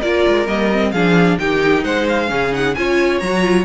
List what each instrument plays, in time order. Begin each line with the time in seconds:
0.00 cello A#3, viola F4, violin A#4 D5
0.27 cello G#3
0.47 cello G3, viola A#3, violin D#5
0.73 viola C4
0.92 cello F3, viola D4, violin G#4 F5
1.39 cello D#3, viola D#4, violin G4 G5
1.84 cello G#3, violin C5 F#5
2.08 violin F5
2.27 cello C#3, viola C#4, violin G#4
2.52 viola D#4, violin F#5
2.74 cello C#4, viola F4, violin C#5 G#5
3.19 cello F#3, viola F#4, violin A#5
3.42 viola F4